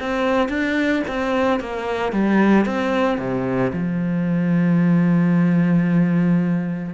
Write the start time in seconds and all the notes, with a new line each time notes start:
0.00 C4
0.49 D4
1.08 C4
1.60 A#3
2.12 G3
2.66 C4
3.18 C3
3.73 F3